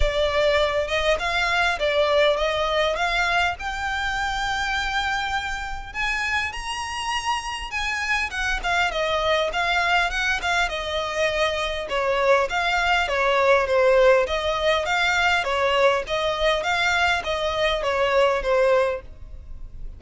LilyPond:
\new Staff \with { instrumentName = "violin" } { \time 4/4 \tempo 4 = 101 d''4. dis''8 f''4 d''4 | dis''4 f''4 g''2~ | g''2 gis''4 ais''4~ | ais''4 gis''4 fis''8 f''8 dis''4 |
f''4 fis''8 f''8 dis''2 | cis''4 f''4 cis''4 c''4 | dis''4 f''4 cis''4 dis''4 | f''4 dis''4 cis''4 c''4 | }